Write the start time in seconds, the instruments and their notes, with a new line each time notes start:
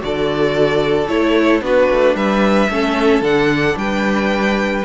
0.00 cello D3, viola F#4, violin A4 D5
1.08 cello A3, viola E4, violin C#5
1.61 cello B3, viola D4, violin F#4 B4
1.92 cello A3
2.15 cello G3, violin B4 E5
2.69 cello A3, viola C#4, violin A4
3.21 cello D3, viola D4, violin F#5
3.77 cello G3, violin B4 G5